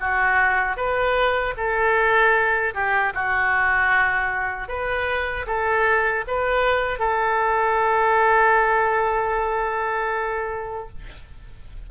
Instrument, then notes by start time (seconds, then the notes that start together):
oboe
0.00 F#4
0.76 B4
1.57 A4
2.74 G4
3.14 F#4
4.68 B4
5.47 A4
6.27 B4
6.99 A4